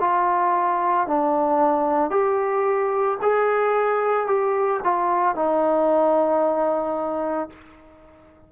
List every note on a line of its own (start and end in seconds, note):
0.00 1.07 F4
1.07 2.11 D4
2.11 3.18 G4
3.22 4.27 G#4
4.27 4.81 G4
4.84 5.35 F4
5.35 7.50 D#4